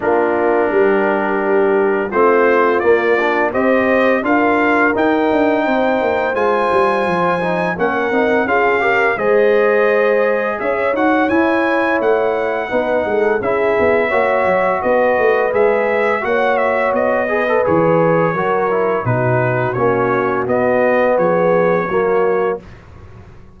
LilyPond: <<
  \new Staff \with { instrumentName = "trumpet" } { \time 4/4 \tempo 4 = 85 ais'2. c''4 | d''4 dis''4 f''4 g''4~ | g''4 gis''2 fis''4 | f''4 dis''2 e''8 fis''8 |
gis''4 fis''2 e''4~ | e''4 dis''4 e''4 fis''8 e''8 | dis''4 cis''2 b'4 | cis''4 dis''4 cis''2 | }
  \new Staff \with { instrumentName = "horn" } { \time 4/4 f'4 g'2 f'4~ | f'4 c''4 ais'2 | c''2. ais'4 | gis'8 ais'8 c''2 cis''4~ |
cis''2 b'8 a'8 gis'4 | cis''4 b'2 cis''4~ | cis''8 b'4. ais'4 fis'4~ | fis'2 gis'4 fis'4 | }
  \new Staff \with { instrumentName = "trombone" } { \time 4/4 d'2. c'4 | ais8 d'8 g'4 f'4 dis'4~ | dis'4 f'4. dis'8 cis'8 dis'8 | f'8 g'8 gis'2~ gis'8 fis'8 |
e'2 dis'4 e'4 | fis'2 gis'4 fis'4~ | fis'8 gis'16 a'16 gis'4 fis'8 e'8 dis'4 | cis'4 b2 ais4 | }
  \new Staff \with { instrumentName = "tuba" } { \time 4/4 ais4 g2 a4 | ais4 c'4 d'4 dis'8 d'8 | c'8 ais8 gis8 g8 f4 ais8 c'8 | cis'4 gis2 cis'8 dis'8 |
e'4 a4 b8 gis8 cis'8 b8 | ais8 fis8 b8 a8 gis4 ais4 | b4 e4 fis4 b,4 | ais4 b4 f4 fis4 | }
>>